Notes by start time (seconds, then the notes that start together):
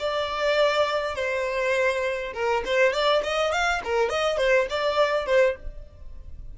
0.00 D5
1.16 C5
2.34 A#4
2.66 C5
2.94 D5
3.24 D#5
3.53 F5
3.85 A#4
4.10 D#5
4.38 C5
4.70 D5
5.27 C5